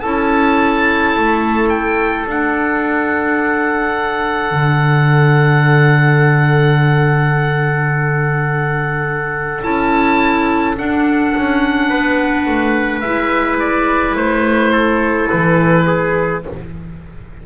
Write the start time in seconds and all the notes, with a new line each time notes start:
0.00 C#4 E4 A4 A5
1.17 A3
1.69 G5
2.26 D4 F#5
4.51 D3
9.62 C#4 E4 A5
10.77 D4 F#5
11.36 C#4
11.89 B3 B4
12.46 A3
13.00 G#3 E4 E5
13.59 D5
14.15 A3 C5
14.72 A4
15.29 E3 B4
15.87 G#4